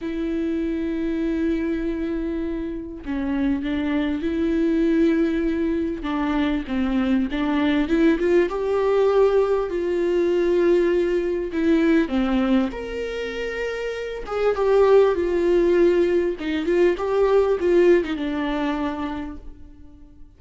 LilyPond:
\new Staff \with { instrumentName = "viola" } { \time 4/4 \tempo 4 = 99 e'1~ | e'4 cis'4 d'4 e'4~ | e'2 d'4 c'4 | d'4 e'8 f'8 g'2 |
f'2. e'4 | c'4 ais'2~ ais'8 gis'8 | g'4 f'2 dis'8 f'8 | g'4 f'8. dis'16 d'2 | }